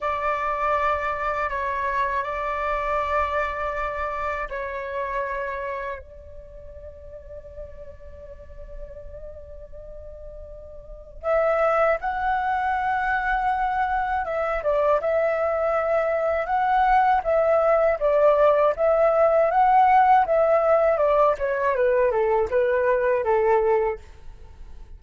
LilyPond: \new Staff \with { instrumentName = "flute" } { \time 4/4 \tempo 4 = 80 d''2 cis''4 d''4~ | d''2 cis''2 | d''1~ | d''2. e''4 |
fis''2. e''8 d''8 | e''2 fis''4 e''4 | d''4 e''4 fis''4 e''4 | d''8 cis''8 b'8 a'8 b'4 a'4 | }